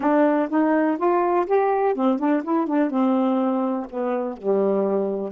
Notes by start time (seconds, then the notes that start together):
0.00 D4
0.49 D#4
0.97 F4
1.46 G4
1.95 C4
2.18 D4
2.43 E4
2.67 D4
2.90 C4
3.90 B3
4.37 G3